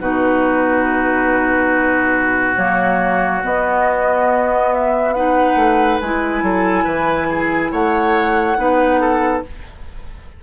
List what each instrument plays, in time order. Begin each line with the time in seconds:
0.00 bassoon B2, clarinet D#4, oboe F#4, flute B4
2.56 bassoon F#3, clarinet A#3, flute C#5
3.43 clarinet B3, bassoon B3, flute D#5
4.73 flute E5
5.13 clarinet D#4, oboe B4, flute F#5
5.56 bassoon A3
6.01 bassoon G#3, clarinet E4, flute G#5
6.42 bassoon F#3, oboe A4
6.84 bassoon E3, oboe B4
7.29 oboe G#4
7.71 bassoon A3, oboe C#5, flute F#5
8.57 bassoon B3, clarinet D#4, oboe B4
9.00 oboe A4